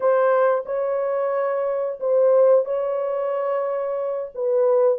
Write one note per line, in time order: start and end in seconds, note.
0.00 0.63 C5
0.65 1.98 C#5
2.00 2.65 C5
2.65 4.32 C#5
4.35 4.98 B4